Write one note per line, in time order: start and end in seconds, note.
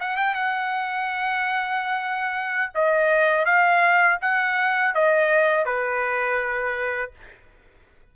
0.00 0.17 F#5
0.17 0.34 G5
0.34 2.72 F#5
2.74 3.45 D#5
3.45 4.18 F5
4.21 4.94 F#5
4.95 5.65 D#5
5.65 7.11 B4